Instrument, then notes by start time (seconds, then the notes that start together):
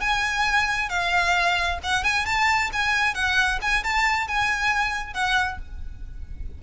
violin
0.00 G#5
0.89 F5
1.83 F#5
2.03 G#5
2.26 A5
2.72 G#5
3.14 F#5
3.61 G#5
3.83 A5
4.27 G#5
5.13 F#5